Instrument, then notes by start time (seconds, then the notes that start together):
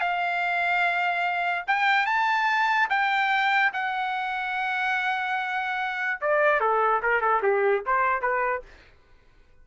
trumpet
0.00 F5
1.67 G5
2.06 A5
2.89 G5
3.73 F#5
6.21 D5
6.60 A4
7.02 A#4
7.21 A4
7.42 G4
7.86 C5
8.21 B4